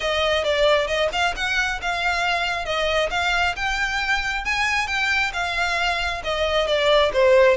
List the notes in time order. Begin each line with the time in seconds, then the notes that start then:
0.00 D#5
0.43 D5
0.87 D#5
1.12 F5
1.36 F#5
1.81 F5
2.65 D#5
3.10 F5
3.56 G5
4.44 G#5
4.87 G5
5.33 F5
6.24 D#5
6.67 D5
7.13 C5